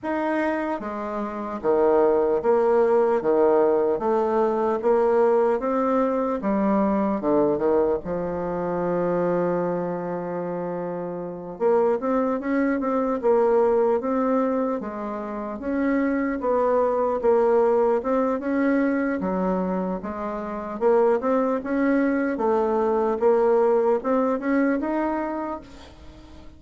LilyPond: \new Staff \with { instrumentName = "bassoon" } { \time 4/4 \tempo 4 = 75 dis'4 gis4 dis4 ais4 | dis4 a4 ais4 c'4 | g4 d8 dis8 f2~ | f2~ f8 ais8 c'8 cis'8 |
c'8 ais4 c'4 gis4 cis'8~ | cis'8 b4 ais4 c'8 cis'4 | fis4 gis4 ais8 c'8 cis'4 | a4 ais4 c'8 cis'8 dis'4 | }